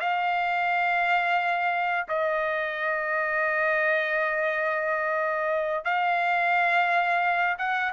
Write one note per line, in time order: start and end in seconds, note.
0.00 2.07 F5
2.08 5.84 D#5
5.84 7.57 F5
7.58 7.92 F#5